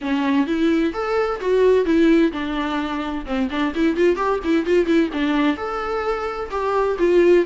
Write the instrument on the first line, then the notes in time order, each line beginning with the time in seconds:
viola
0.01 C#4
0.46 E4
0.93 A4
1.40 F#4
1.85 E4
2.32 D4
3.25 C4
3.50 D4
3.74 E4
3.96 F4
4.15 G4
4.43 E4
4.65 F4
4.86 E4
5.13 D4
5.56 A4
6.51 G4
6.99 F4